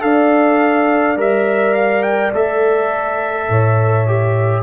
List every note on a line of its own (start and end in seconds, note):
0.00 1.16 D4
0.00 1.15 A4
0.00 3.50 D5
0.00 1.17 F5
1.16 2.32 G3
1.16 2.31 A#4
1.16 1.74 E5
1.74 2.02 F5
2.02 2.31 G5
2.33 3.49 A3
2.33 4.07 A4
2.33 4.63 E5
3.49 4.63 A2
3.49 4.63 C#5
4.07 4.63 G4